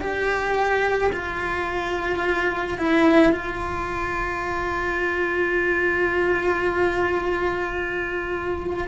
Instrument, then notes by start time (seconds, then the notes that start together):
cello
0.00 G4
1.13 F4
2.78 E4
3.32 F4